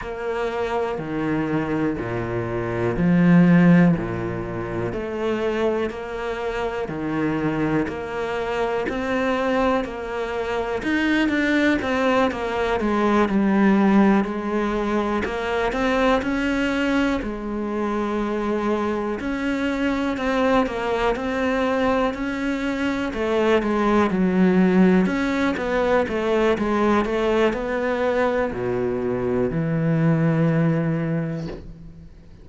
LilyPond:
\new Staff \with { instrumentName = "cello" } { \time 4/4 \tempo 4 = 61 ais4 dis4 ais,4 f4 | ais,4 a4 ais4 dis4 | ais4 c'4 ais4 dis'8 d'8 | c'8 ais8 gis8 g4 gis4 ais8 |
c'8 cis'4 gis2 cis'8~ | cis'8 c'8 ais8 c'4 cis'4 a8 | gis8 fis4 cis'8 b8 a8 gis8 a8 | b4 b,4 e2 | }